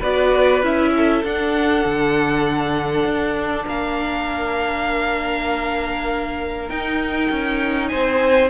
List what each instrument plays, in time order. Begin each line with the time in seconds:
0.00 cello B3, viola F#4, violin B4 D5
0.62 cello C#4, viola E4, violin E5
0.97 violin A4
1.24 cello D4, viola D4, violin F#5
1.85 cello D3
3.05 cello D4
3.66 cello A#3, violin A#4 F5
6.69 viola D#4, cello D#4, violin G5
7.31 cello C#4
7.88 violin C5 G#5
7.95 cello C4